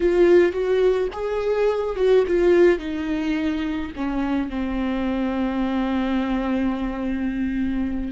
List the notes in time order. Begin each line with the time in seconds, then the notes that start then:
0.00 F4
0.52 F#4
1.12 G#4
1.96 F#4
2.27 F4
2.79 D#4
3.95 C#4
4.49 C4